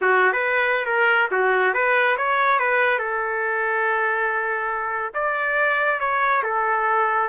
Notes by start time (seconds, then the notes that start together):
0.01 F#4
0.32 B4
0.85 A#4
1.31 F#4
1.74 B4
2.17 C#5
2.59 B4
2.98 A4
5.14 D5
6.00 C#5
6.43 A4